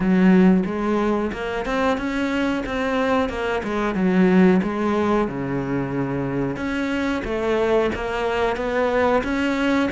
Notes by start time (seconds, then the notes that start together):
0.00 F#3
0.65 G#3
1.32 A#3
1.65 C4
1.98 C#4
2.66 C4
3.29 A#3
3.63 G#3
3.94 F#3
4.62 G#3
5.27 C#3
6.56 C#4
7.24 A3
7.95 A#3
8.56 B3
9.23 C#4